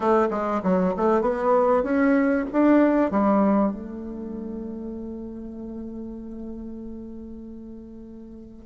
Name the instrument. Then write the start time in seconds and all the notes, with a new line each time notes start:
bassoon
0.00 A3
0.30 G#3
0.63 F#3
0.96 A3
1.21 B3
1.83 C#4
2.52 D4
3.11 G3
3.71 A3